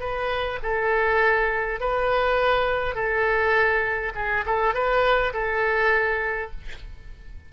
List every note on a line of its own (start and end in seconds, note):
0.00 0.59 B4
0.63 1.80 A4
1.80 2.95 B4
2.95 4.13 A4
4.15 4.44 G#4
4.46 4.74 A4
4.74 5.33 B4
5.33 6.51 A4